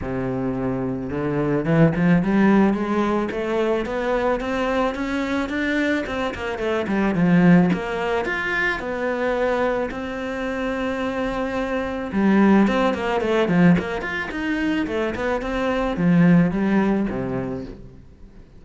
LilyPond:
\new Staff \with { instrumentName = "cello" } { \time 4/4 \tempo 4 = 109 c2 d4 e8 f8 | g4 gis4 a4 b4 | c'4 cis'4 d'4 c'8 ais8 | a8 g8 f4 ais4 f'4 |
b2 c'2~ | c'2 g4 c'8 ais8 | a8 f8 ais8 f'8 dis'4 a8 b8 | c'4 f4 g4 c4 | }